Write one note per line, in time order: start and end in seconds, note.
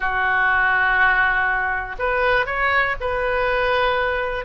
0.00 1.96 F#4
1.98 2.45 B4
2.45 2.95 C#5
3.00 4.45 B4